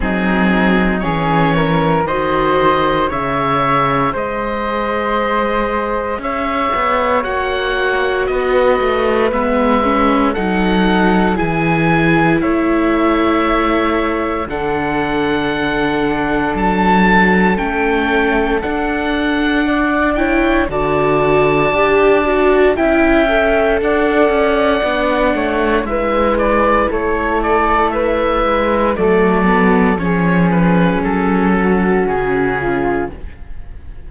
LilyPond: <<
  \new Staff \with { instrumentName = "oboe" } { \time 4/4 \tempo 4 = 58 gis'4 cis''4 dis''4 e''4 | dis''2 e''4 fis''4 | dis''4 e''4 fis''4 gis''4 | e''2 fis''2 |
a''4 g''4 fis''4. g''8 | a''2 g''4 fis''4~ | fis''4 e''8 d''8 cis''8 d''8 e''4 | d''4 cis''8 b'8 a'4 gis'4 | }
  \new Staff \with { instrumentName = "flute" } { \time 4/4 dis'4 gis'8 ais'8 c''4 cis''4 | c''2 cis''2 | b'2 a'4 gis'4 | cis''2 a'2~ |
a'2. d''8 cis''8 | d''2 e''4 d''4~ | d''8 cis''8 b'4 a'4 b'4 | a'4 gis'4. fis'4 f'8 | }
  \new Staff \with { instrumentName = "viola" } { \time 4/4 c'4 cis'4 fis'4 gis'4~ | gis'2. fis'4~ | fis'4 b8 cis'8 dis'4 e'4~ | e'2 d'2~ |
d'4 cis'4 d'4. e'8 | fis'4 g'8 fis'8 e'8 a'4. | d'4 e'2. | a8 b8 cis'2. | }
  \new Staff \with { instrumentName = "cello" } { \time 4/4 fis4 e4 dis4 cis4 | gis2 cis'8 b8 ais4 | b8 a8 gis4 fis4 e4 | a2 d2 |
fis4 a4 d'2 | d4 d'4 cis'4 d'8 cis'8 | b8 a8 gis4 a4. gis8 | fis4 f4 fis4 cis4 | }
>>